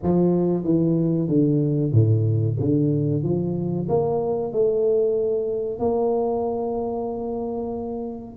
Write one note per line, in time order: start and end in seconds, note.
0.02 0.63 F3
0.63 1.28 E3
1.28 1.92 D3
1.92 2.56 A2
2.59 3.23 D3
3.23 3.87 F3
3.89 4.52 A#3
4.52 5.79 A3
5.79 8.36 A#3